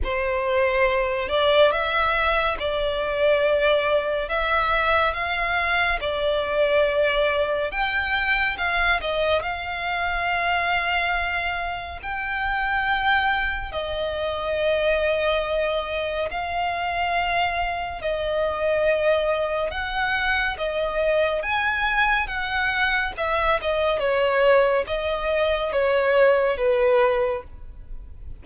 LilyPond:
\new Staff \with { instrumentName = "violin" } { \time 4/4 \tempo 4 = 70 c''4. d''8 e''4 d''4~ | d''4 e''4 f''4 d''4~ | d''4 g''4 f''8 dis''8 f''4~ | f''2 g''2 |
dis''2. f''4~ | f''4 dis''2 fis''4 | dis''4 gis''4 fis''4 e''8 dis''8 | cis''4 dis''4 cis''4 b'4 | }